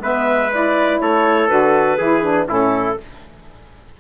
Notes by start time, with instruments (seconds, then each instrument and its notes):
0.00 bassoon G#3, saxophone B3, trumpet B4, clarinet E5
0.52 saxophone E4, clarinet D5
1.00 bassoon A3, trumpet A4, clarinet C#5
1.48 bassoon D3, saxophone F#4, clarinet B4
1.98 bassoon E3, saxophone E4, trumpet G#4
2.23 saxophone D4
2.47 bassoon A2, saxophone C#4, trumpet E4, clarinet A4